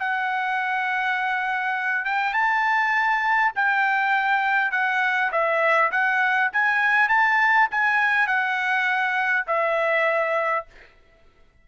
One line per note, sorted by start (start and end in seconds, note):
0.00 2.05 F#5
2.05 2.34 G5
2.34 3.52 A5
3.56 4.72 G5
4.72 5.31 F#5
5.32 5.92 E5
5.92 6.51 F#5
6.53 7.09 G#5
7.09 7.68 A5
7.71 8.28 G#5
8.28 9.46 F#5
9.47 10.66 E5